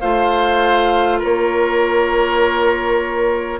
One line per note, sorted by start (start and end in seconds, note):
0.00 1.23 A3
0.00 3.60 F4
0.00 1.19 C5
0.00 1.20 F5
1.19 3.60 A#3
1.19 3.59 A#4
1.19 3.60 C#5